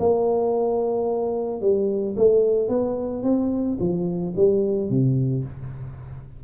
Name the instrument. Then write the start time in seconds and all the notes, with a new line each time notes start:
tuba
0.00 A#3
1.61 G3
2.17 A3
2.69 B3
3.24 C4
3.80 F3
4.37 G3
4.90 C3